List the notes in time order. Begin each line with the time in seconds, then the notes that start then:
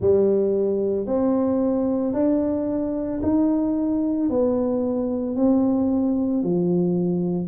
0.00 G3
1.06 C4
2.13 D4
3.22 D#4
4.29 B3
5.36 C4
6.43 F3